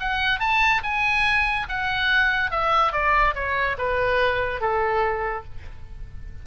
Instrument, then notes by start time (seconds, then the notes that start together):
oboe
0.00 F#5
0.39 A5
0.83 G#5
1.69 F#5
2.51 E5
2.92 D5
3.35 C#5
3.78 B4
4.60 A4